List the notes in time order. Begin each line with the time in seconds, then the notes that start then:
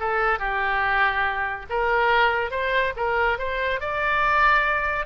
0.00 A4
0.40 G4
1.70 A#4
2.51 C5
2.97 A#4
3.39 C5
3.81 D5